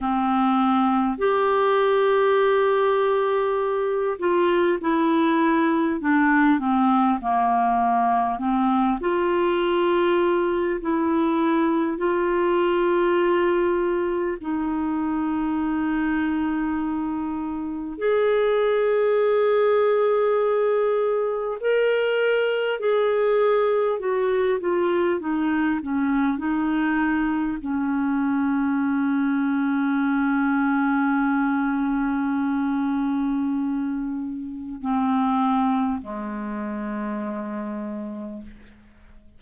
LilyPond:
\new Staff \with { instrumentName = "clarinet" } { \time 4/4 \tempo 4 = 50 c'4 g'2~ g'8 f'8 | e'4 d'8 c'8 ais4 c'8 f'8~ | f'4 e'4 f'2 | dis'2. gis'4~ |
gis'2 ais'4 gis'4 | fis'8 f'8 dis'8 cis'8 dis'4 cis'4~ | cis'1~ | cis'4 c'4 gis2 | }